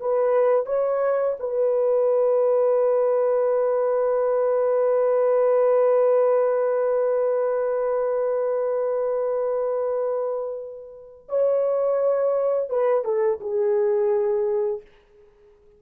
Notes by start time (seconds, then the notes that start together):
0.00 B4
0.66 C#5
1.39 B4
11.28 C#5
12.69 B4
13.04 A4
13.40 G#4